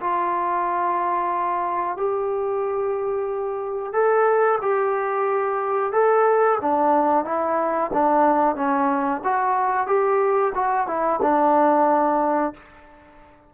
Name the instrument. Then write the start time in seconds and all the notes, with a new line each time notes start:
trombone
0.00 F4
1.97 G4
3.93 A4
4.61 G4
5.92 A4
6.61 D4
7.24 E4
7.93 D4
8.55 C#4
9.24 F#4
9.86 G4
10.54 F#4
10.87 E4
11.21 D4